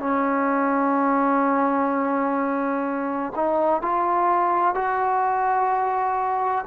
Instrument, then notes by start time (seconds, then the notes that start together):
trombone
0.00 C#4
3.35 D#4
3.82 F4
4.75 F#4